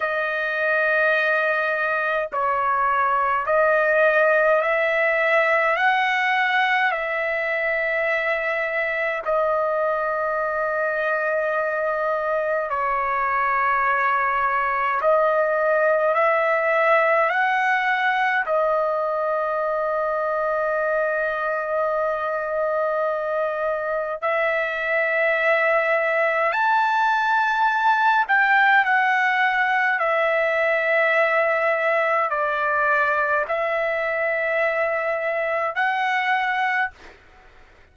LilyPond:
\new Staff \with { instrumentName = "trumpet" } { \time 4/4 \tempo 4 = 52 dis''2 cis''4 dis''4 | e''4 fis''4 e''2 | dis''2. cis''4~ | cis''4 dis''4 e''4 fis''4 |
dis''1~ | dis''4 e''2 a''4~ | a''8 g''8 fis''4 e''2 | d''4 e''2 fis''4 | }